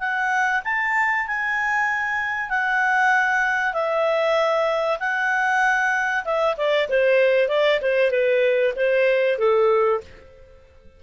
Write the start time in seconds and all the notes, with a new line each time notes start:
0.00 F#5
0.65 A5
1.28 G#5
2.50 F#5
3.74 E5
5.00 F#5
6.25 E5
6.57 D5
6.90 C5
7.49 D5
7.82 C5
8.11 B4
8.76 C5
9.39 A4